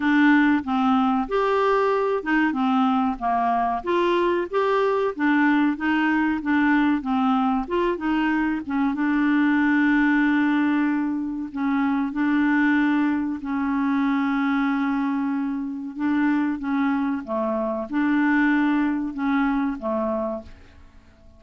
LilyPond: \new Staff \with { instrumentName = "clarinet" } { \time 4/4 \tempo 4 = 94 d'4 c'4 g'4. dis'8 | c'4 ais4 f'4 g'4 | d'4 dis'4 d'4 c'4 | f'8 dis'4 cis'8 d'2~ |
d'2 cis'4 d'4~ | d'4 cis'2.~ | cis'4 d'4 cis'4 a4 | d'2 cis'4 a4 | }